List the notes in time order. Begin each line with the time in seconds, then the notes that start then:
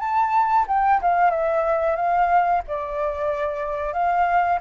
0.00 A5
0.68 G5
1.02 F5
1.31 E5
1.96 F5
2.68 D5
3.94 F5